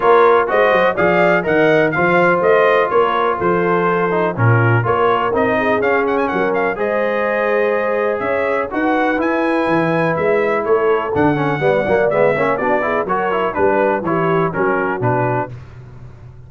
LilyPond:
<<
  \new Staff \with { instrumentName = "trumpet" } { \time 4/4 \tempo 4 = 124 cis''4 dis''4 f''4 fis''4 | f''4 dis''4 cis''4 c''4~ | c''4 ais'4 cis''4 dis''4 | f''8 fis''16 gis''16 fis''8 f''8 dis''2~ |
dis''4 e''4 fis''4 gis''4~ | gis''4 e''4 cis''4 fis''4~ | fis''4 e''4 d''4 cis''4 | b'4 cis''4 ais'4 b'4 | }
  \new Staff \with { instrumentName = "horn" } { \time 4/4 ais'4 c''4 d''4 dis''4 | c''2 ais'4 a'4~ | a'4 f'4 ais'4. gis'8~ | gis'4 ais'4 c''2~ |
c''4 cis''4 b'2~ | b'2 a'2 | d''4. cis''8 fis'8 gis'8 ais'4 | b'4 g'4 fis'2 | }
  \new Staff \with { instrumentName = "trombone" } { \time 4/4 f'4 fis'4 gis'4 ais'4 | f'1~ | f'8 dis'8 cis'4 f'4 dis'4 | cis'2 gis'2~ |
gis'2 fis'4 e'4~ | e'2. d'8 cis'8 | b8 ais8 b8 cis'8 d'8 e'8 fis'8 e'8 | d'4 e'4 cis'4 d'4 | }
  \new Staff \with { instrumentName = "tuba" } { \time 4/4 ais4 gis8 fis8 f4 dis4 | f4 a4 ais4 f4~ | f4 ais,4 ais4 c'4 | cis'4 fis4 gis2~ |
gis4 cis'4 dis'4 e'4 | e4 gis4 a4 d4 | g8 fis8 gis8 ais8 b4 fis4 | g4 e4 fis4 b,4 | }
>>